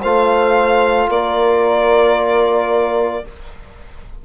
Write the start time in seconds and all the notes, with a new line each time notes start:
0.00 A3 F4 C5 F5
1.08 A#3 A#4 D5